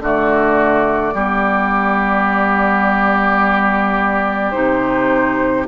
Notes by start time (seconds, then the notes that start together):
0.00 D3 A3 F#4 D5
1.14 G3 B3 G4
4.51 C3 D#4 C5